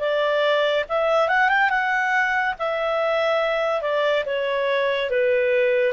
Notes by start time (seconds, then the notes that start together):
0.00 D5
0.89 E5
1.28 F#5
1.49 G5
1.69 F#5
2.59 E5
3.81 D5
4.25 C#5
5.10 B4